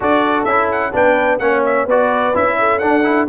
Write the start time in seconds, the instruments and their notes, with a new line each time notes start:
0.00 tuba D4, trombone F#4, horn A4, trumpet D5
0.44 tuba C#4, trombone E4, trumpet E5
0.71 trumpet F#5
0.92 tuba B3, trombone D4, horn B4, trumpet G5
1.38 tuba A#3, trombone C#4, horn C#5, trumpet F#5
1.65 trumpet E5
1.85 tuba B3, trombone F#4, horn B4, trumpet D5
2.34 tuba C#4, trombone E4, trumpet E5
2.59 horn A4
2.78 tuba D4, trombone D4, trumpet F#5
3.03 trombone E4